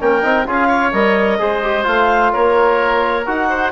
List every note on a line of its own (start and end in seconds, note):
0.00 0.24 A#3
0.00 0.22 C#4
0.00 0.47 A#4
0.00 0.47 G5
0.22 0.46 C4
0.22 0.46 D#4
0.46 0.93 C#4
0.46 0.92 F4
0.46 0.67 G#4
0.46 0.92 F5
0.67 1.37 C#5
0.92 1.39 G3
0.92 1.39 A#4
0.92 1.85 D#5
1.39 1.86 G#3
1.39 1.62 G#4
1.39 2.33 C5
1.62 1.84 G4
1.84 2.33 A3
1.84 3.23 F4
1.84 2.33 F5
2.33 3.27 A#3
2.33 3.49 A#4
2.33 3.26 C#5
3.26 3.72 D#4
3.26 3.72 F#4
3.26 3.72 F#5
3.49 3.72 C5